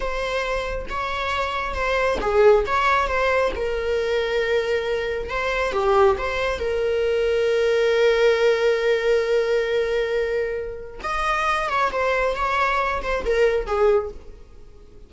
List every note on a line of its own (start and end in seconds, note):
0.00 0.85 C5
0.89 1.74 C#5
1.74 2.18 C5
2.20 2.65 G#4
2.66 3.07 C#5
3.07 3.51 C5
3.55 5.29 A#4
5.29 5.72 C5
5.72 6.16 G4
6.17 6.59 C5
6.59 11.00 A#4
11.03 11.69 D#5
11.69 11.91 C#5
11.92 12.35 C5
12.35 13.01 C#5
13.02 13.24 C5
13.25 13.66 A#4
13.66 14.10 G#4